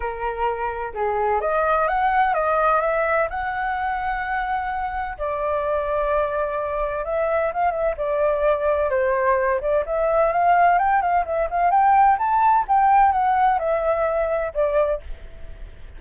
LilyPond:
\new Staff \with { instrumentName = "flute" } { \time 4/4 \tempo 4 = 128 ais'2 gis'4 dis''4 | fis''4 dis''4 e''4 fis''4~ | fis''2. d''4~ | d''2. e''4 |
f''8 e''8 d''2 c''4~ | c''8 d''8 e''4 f''4 g''8 f''8 | e''8 f''8 g''4 a''4 g''4 | fis''4 e''2 d''4 | }